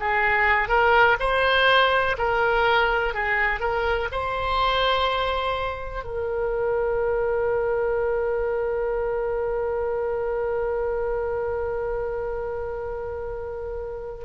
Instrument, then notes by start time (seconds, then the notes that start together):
oboe
0.00 G#4
0.68 A#4
1.20 C5
2.18 A#4
3.14 G#4
3.60 A#4
4.12 C5
6.04 A#4